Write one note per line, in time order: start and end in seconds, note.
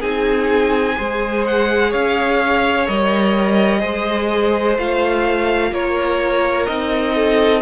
0.00 0.97 C4
0.00 0.96 D#4
0.00 0.95 G#4
0.00 1.45 G#5
0.96 1.93 G#3
0.96 2.86 G#4
0.96 1.90 C5
1.46 1.93 F#5
1.90 2.88 C#4
1.90 3.80 C#5
1.90 2.87 F5
2.86 3.83 G3
2.86 3.79 A#4
2.86 4.78 D#5
3.79 4.78 G#3
3.79 4.74 G#4
3.79 5.70 C5
4.78 5.72 A3
4.78 6.68 F4
4.78 5.74 F5
5.72 6.67 A#3
5.72 7.15 A#4
5.72 6.67 C#5
6.67 7.62 C4
6.67 7.62 D#4
6.67 7.62 D#5
7.15 7.62 A4